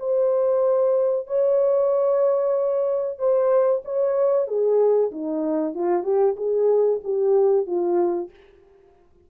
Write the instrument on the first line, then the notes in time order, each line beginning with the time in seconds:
horn
0.00 C5
1.27 C#5
3.19 C5
3.85 C#5
4.48 G#4
5.12 D#4
5.75 F4
6.04 G4
6.37 G#4
7.04 G4
7.67 F4